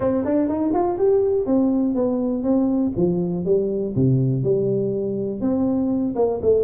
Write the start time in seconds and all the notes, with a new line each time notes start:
0.00 C4
0.25 D4
0.48 D#4
0.73 F4
0.98 G4
1.46 C4
1.94 B3
2.43 C4
2.96 F3
3.45 G3
3.95 C3
4.43 G3
5.41 C4
6.15 A#3
6.42 A3